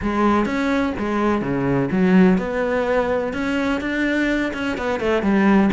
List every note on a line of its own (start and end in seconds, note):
0.02 0.45 G#3
0.45 0.93 C#4
0.98 1.41 G#3
1.41 1.89 C#3
1.91 2.37 F#3
2.37 3.33 B3
3.33 3.80 C#4
3.81 4.52 D4
4.53 4.77 C#4
4.77 4.99 B3
4.99 5.22 A3
5.22 5.69 G3